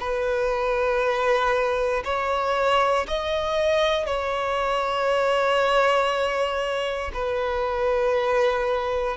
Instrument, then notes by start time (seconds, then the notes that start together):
violin
0.00 B4
2.04 C#5
3.07 D#5
4.06 C#5
7.13 B4